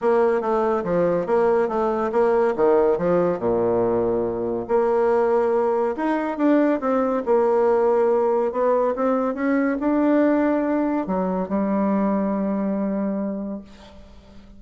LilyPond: \new Staff \with { instrumentName = "bassoon" } { \time 4/4 \tempo 4 = 141 ais4 a4 f4 ais4 | a4 ais4 dis4 f4 | ais,2. ais4~ | ais2 dis'4 d'4 |
c'4 ais2. | b4 c'4 cis'4 d'4~ | d'2 fis4 g4~ | g1 | }